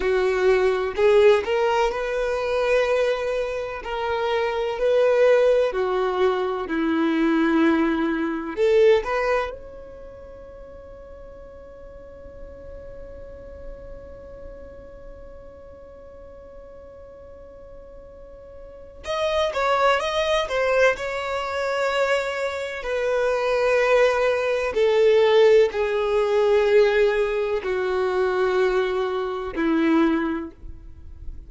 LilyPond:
\new Staff \with { instrumentName = "violin" } { \time 4/4 \tempo 4 = 63 fis'4 gis'8 ais'8 b'2 | ais'4 b'4 fis'4 e'4~ | e'4 a'8 b'8 cis''2~ | cis''1~ |
cis''1 | dis''8 cis''8 dis''8 c''8 cis''2 | b'2 a'4 gis'4~ | gis'4 fis'2 e'4 | }